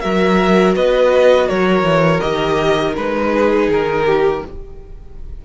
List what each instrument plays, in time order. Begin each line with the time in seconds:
0.00 cello F#3, viola F#4, violin A#4 E5
0.75 cello B3, violin B4 D#5
1.48 cello F#3, violin A#4 C#5
1.83 cello E3
2.20 cello D#3, viola G4, violin D#5
2.96 cello G#3, viola D#4, violin B4
3.32 violin G#4
3.68 cello D#3, violin A#4
4.05 violin G4